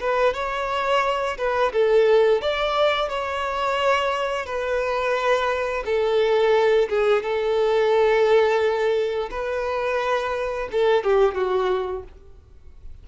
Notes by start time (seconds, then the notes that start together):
0.00 B4
0.34 C#5
1.38 B4
1.73 A4
2.41 D5
3.09 C#5
4.46 B4
5.85 A4
6.89 G#4
7.23 A4
9.30 B4
10.72 A4
11.04 G4
11.34 F#4